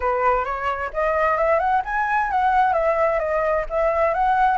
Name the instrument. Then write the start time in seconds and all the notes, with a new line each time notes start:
flute
0.00 B4
0.44 C#5
0.93 D#5
1.37 E5
1.59 F#5
1.84 G#5
2.30 F#5
2.73 E5
3.19 D#5
3.69 E5
4.14 F#5